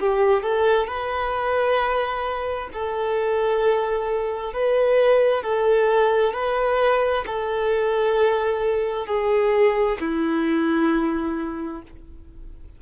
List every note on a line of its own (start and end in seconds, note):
0.00 0.43 G4
0.43 0.88 A4
0.88 2.69 B4
2.74 4.54 A4
4.54 5.43 B4
5.43 6.34 A4
6.34 7.25 B4
7.26 9.07 A4
9.07 9.98 G#4
10.01 11.83 E4